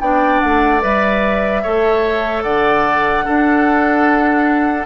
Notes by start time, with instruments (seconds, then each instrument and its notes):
0.00 bassoon B3, clarinet D4, oboe D5, flute G5
0.40 bassoon A3, flute F#5
0.81 bassoon G3, clarinet B4, flute E5
1.63 bassoon A3, clarinet A4, oboe C#5
2.42 bassoon D3, oboe D5, flute F#5
3.25 clarinet D4, bassoon D4, oboe A4